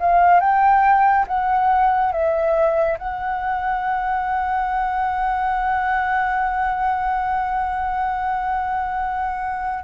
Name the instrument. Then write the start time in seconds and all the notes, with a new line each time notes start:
flute
0.00 F5
0.40 G5
1.27 F#5
2.12 E5
2.98 F#5